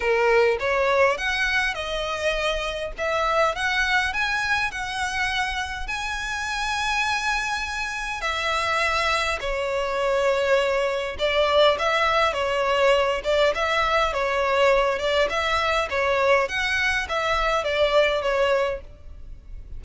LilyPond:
\new Staff \with { instrumentName = "violin" } { \time 4/4 \tempo 4 = 102 ais'4 cis''4 fis''4 dis''4~ | dis''4 e''4 fis''4 gis''4 | fis''2 gis''2~ | gis''2 e''2 |
cis''2. d''4 | e''4 cis''4. d''8 e''4 | cis''4. d''8 e''4 cis''4 | fis''4 e''4 d''4 cis''4 | }